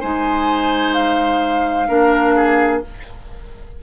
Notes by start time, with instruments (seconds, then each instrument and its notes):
0.00 bassoon G#3, clarinet D#4, oboe C5, flute G#5
0.94 flute F5
1.88 bassoon A#3, clarinet D4, oboe A#4
2.36 oboe G#4